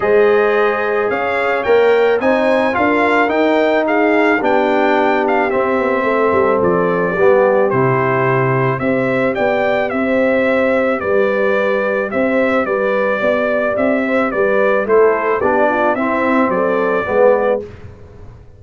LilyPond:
<<
  \new Staff \with { instrumentName = "trumpet" } { \time 4/4 \tempo 4 = 109 dis''2 f''4 g''4 | gis''4 f''4 g''4 f''4 | g''4. f''8 e''2 | d''2 c''2 |
e''4 g''4 e''2 | d''2 e''4 d''4~ | d''4 e''4 d''4 c''4 | d''4 e''4 d''2 | }
  \new Staff \with { instrumentName = "horn" } { \time 4/4 c''2 cis''2 | c''4 ais'2 gis'4 | g'2. a'4~ | a'4 g'2. |
c''4 d''4 c''2 | b'2 c''4 b'4 | d''4. c''8 b'4 a'4 | g'8 f'8 e'4 a'4 b'4 | }
  \new Staff \with { instrumentName = "trombone" } { \time 4/4 gis'2. ais'4 | dis'4 f'4 dis'2 | d'2 c'2~ | c'4 b4 e'2 |
g'1~ | g'1~ | g'2. e'4 | d'4 c'2 b4 | }
  \new Staff \with { instrumentName = "tuba" } { \time 4/4 gis2 cis'4 ais4 | c'4 d'4 dis'2 | b2 c'8 b8 a8 g8 | f4 g4 c2 |
c'4 b4 c'2 | g2 c'4 g4 | b4 c'4 g4 a4 | b4 c'4 fis4 gis4 | }
>>